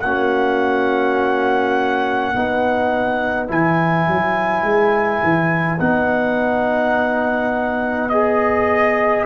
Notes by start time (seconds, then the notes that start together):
0.00 A#3 C#4 F#4 F#5
2.33 B3 D#4 B4
3.48 E3 E4 G#5
4.07 F#3
4.63 G#3
5.23 E3
5.80 B3 D#4 F#5
8.09 G#4 D#5